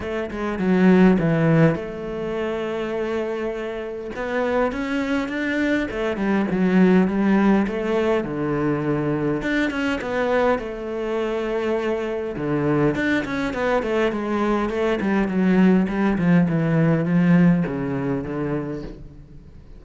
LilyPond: \new Staff \with { instrumentName = "cello" } { \time 4/4 \tempo 4 = 102 a8 gis8 fis4 e4 a4~ | a2. b4 | cis'4 d'4 a8 g8 fis4 | g4 a4 d2 |
d'8 cis'8 b4 a2~ | a4 d4 d'8 cis'8 b8 a8 | gis4 a8 g8 fis4 g8 f8 | e4 f4 cis4 d4 | }